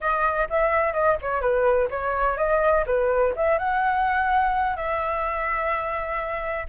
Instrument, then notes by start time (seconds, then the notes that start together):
flute
0.00 D#5
0.49 E5
0.93 D#5
1.21 C#5
1.41 B4
1.90 C#5
2.37 D#5
2.86 B4
3.35 E5
3.58 F#5
4.76 E5